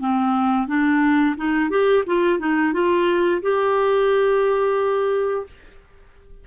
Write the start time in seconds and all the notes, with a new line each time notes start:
0.00 C4
0.68 D4
1.37 D#4
1.70 G4
2.07 F4
2.40 D#4
2.74 F4
3.42 G4